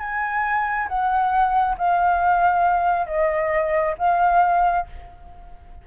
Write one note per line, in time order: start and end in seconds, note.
0.00 0.88 G#5
0.89 1.77 F#5
1.78 3.07 F5
3.07 3.95 D#5
3.99 4.87 F5